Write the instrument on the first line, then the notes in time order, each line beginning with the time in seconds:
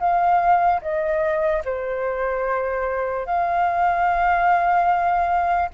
flute
0.00 F5
0.82 D#5
1.65 C5
3.26 F5